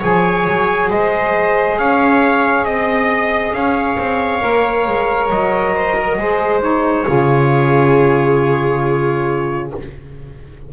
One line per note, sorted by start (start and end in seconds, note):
0.00 0.48 F3
0.00 4.41 G#4
0.00 0.88 C#5
0.00 0.91 G#5
0.48 0.91 F#3
0.90 1.79 G#3
0.90 1.78 C5
0.90 1.79 D#5
1.79 2.64 C#4
1.79 2.67 C#5
1.79 2.65 F5
2.64 3.53 C4
2.64 3.53 D#5
2.64 3.56 D#5
3.53 3.97 C#4
3.53 5.75 C#5
3.53 5.30 F5
3.99 4.43 C4
4.41 4.87 A#3
4.41 6.18 A#4
4.87 5.30 G#3
5.30 6.18 F#3
5.30 6.63 D#5
5.75 5.97 C5
5.98 6.20 A#4
6.18 7.06 G#3
6.18 6.62 G#4
6.18 7.08 C5
6.62 7.06 D#4
6.62 9.72 C#5
7.06 9.73 C#3
7.06 9.71 F4
7.06 9.72 G#4